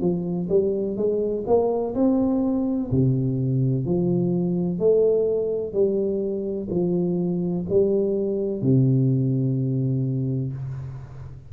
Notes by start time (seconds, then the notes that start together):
0.00 F3
0.48 G3
0.96 G#3
1.46 A#3
1.94 C4
2.91 C3
3.85 F3
4.79 A3
5.72 G3
6.70 F3
7.69 G3
8.61 C3